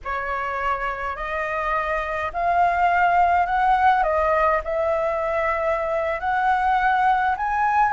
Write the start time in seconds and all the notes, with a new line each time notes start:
0.04 C#5
1.16 D#5
2.33 F5
3.46 F#5
4.03 D#5
4.63 E5
6.20 F#5
7.36 G#5